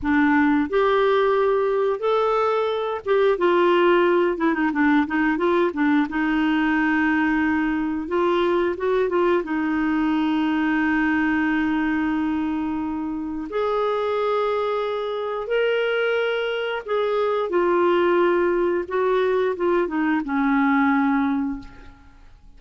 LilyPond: \new Staff \with { instrumentName = "clarinet" } { \time 4/4 \tempo 4 = 89 d'4 g'2 a'4~ | a'8 g'8 f'4. e'16 dis'16 d'8 dis'8 | f'8 d'8 dis'2. | f'4 fis'8 f'8 dis'2~ |
dis'1 | gis'2. ais'4~ | ais'4 gis'4 f'2 | fis'4 f'8 dis'8 cis'2 | }